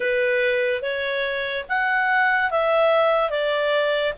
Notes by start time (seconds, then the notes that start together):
0.00 B4
0.82 C#5
1.69 F#5
2.50 E5
3.30 D5